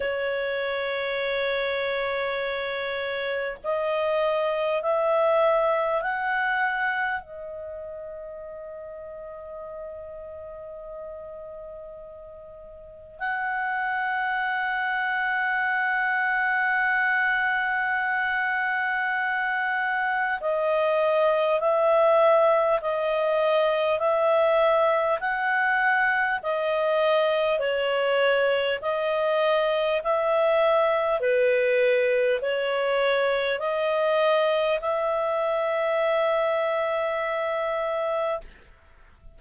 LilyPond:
\new Staff \with { instrumentName = "clarinet" } { \time 4/4 \tempo 4 = 50 cis''2. dis''4 | e''4 fis''4 dis''2~ | dis''2. fis''4~ | fis''1~ |
fis''4 dis''4 e''4 dis''4 | e''4 fis''4 dis''4 cis''4 | dis''4 e''4 b'4 cis''4 | dis''4 e''2. | }